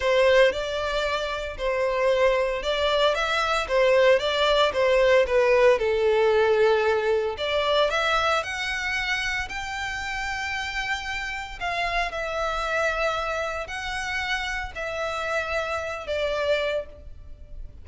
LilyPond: \new Staff \with { instrumentName = "violin" } { \time 4/4 \tempo 4 = 114 c''4 d''2 c''4~ | c''4 d''4 e''4 c''4 | d''4 c''4 b'4 a'4~ | a'2 d''4 e''4 |
fis''2 g''2~ | g''2 f''4 e''4~ | e''2 fis''2 | e''2~ e''8 d''4. | }